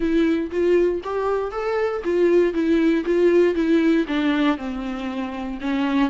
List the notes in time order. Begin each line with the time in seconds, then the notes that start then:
0.00 E4
0.51 F4
1.03 G4
1.51 A4
2.04 F4
2.53 E4
3.05 F4
3.54 E4
4.07 D4
4.57 C4
5.60 C#4